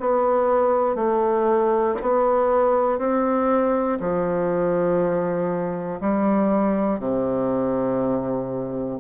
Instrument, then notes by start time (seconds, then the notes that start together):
bassoon
0.00 B3
0.95 A3
2.02 B3
2.99 C4
4.00 F3
6.01 G3
7.00 C3